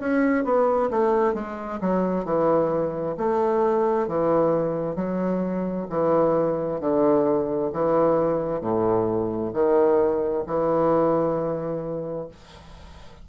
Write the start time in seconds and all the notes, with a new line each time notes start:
0.00 C#4
0.45 B3
0.91 A3
1.35 G#3
1.81 F#3
2.26 E3
3.18 A3
4.08 E3
4.96 F#3
5.90 E3
6.81 D3
7.73 E3
8.62 A2
9.54 D#3
10.47 E3